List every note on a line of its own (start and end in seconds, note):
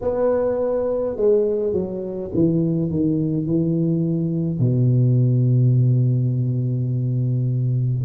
0.01 1.16 B3
1.16 1.73 G#3
1.73 2.30 F#3
2.33 2.90 E3
2.90 3.46 D#3
3.46 4.58 E3
4.58 8.05 B2